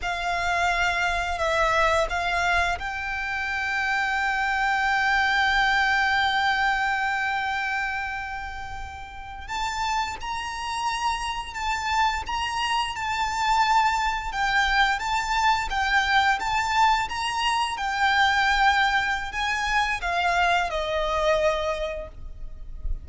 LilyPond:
\new Staff \with { instrumentName = "violin" } { \time 4/4 \tempo 4 = 87 f''2 e''4 f''4 | g''1~ | g''1~ | g''4.~ g''16 a''4 ais''4~ ais''16~ |
ais''8. a''4 ais''4 a''4~ a''16~ | a''8. g''4 a''4 g''4 a''16~ | a''8. ais''4 g''2~ g''16 | gis''4 f''4 dis''2 | }